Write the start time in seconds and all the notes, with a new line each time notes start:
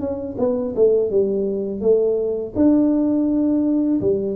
0.00 C#4
0.38 B3
0.76 A3
1.10 G3
1.81 A3
2.56 D4
4.01 G3